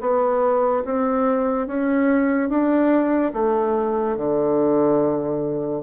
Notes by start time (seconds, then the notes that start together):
0.00 B3
0.84 C4
1.67 C#4
2.49 D4
3.33 A3
4.17 D3